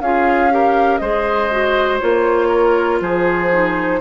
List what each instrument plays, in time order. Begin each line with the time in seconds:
0.00 bassoon C#4, clarinet F4, oboe G#4, flute F5
0.51 clarinet G4, oboe A#4
0.97 bassoon G#3, clarinet G#4, oboe C5, flute D#5
1.51 clarinet F#4
1.99 bassoon A#3, clarinet F4, flute C#5
2.48 oboe A#4
3.00 bassoon F3, oboe G#4, flute C5
3.51 clarinet D#4